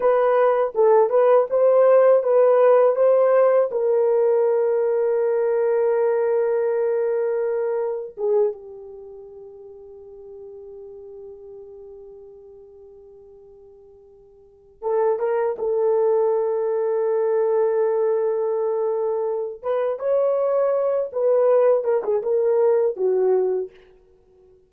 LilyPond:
\new Staff \with { instrumentName = "horn" } { \time 4/4 \tempo 4 = 81 b'4 a'8 b'8 c''4 b'4 | c''4 ais'2.~ | ais'2. gis'8 g'8~ | g'1~ |
g'1 | a'8 ais'8 a'2.~ | a'2~ a'8 b'8 cis''4~ | cis''8 b'4 ais'16 gis'16 ais'4 fis'4 | }